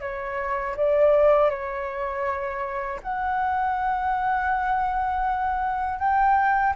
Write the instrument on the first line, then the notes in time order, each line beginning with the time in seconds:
flute
0.00 C#5
0.76 D5
1.50 C#5
3.02 F#5
5.98 G5